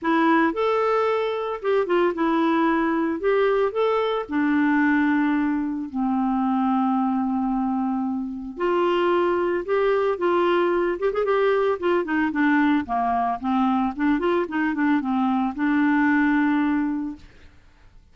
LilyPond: \new Staff \with { instrumentName = "clarinet" } { \time 4/4 \tempo 4 = 112 e'4 a'2 g'8 f'8 | e'2 g'4 a'4 | d'2. c'4~ | c'1 |
f'2 g'4 f'4~ | f'8 g'16 gis'16 g'4 f'8 dis'8 d'4 | ais4 c'4 d'8 f'8 dis'8 d'8 | c'4 d'2. | }